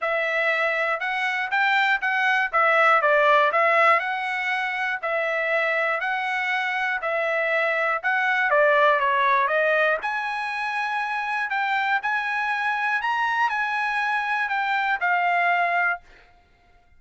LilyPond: \new Staff \with { instrumentName = "trumpet" } { \time 4/4 \tempo 4 = 120 e''2 fis''4 g''4 | fis''4 e''4 d''4 e''4 | fis''2 e''2 | fis''2 e''2 |
fis''4 d''4 cis''4 dis''4 | gis''2. g''4 | gis''2 ais''4 gis''4~ | gis''4 g''4 f''2 | }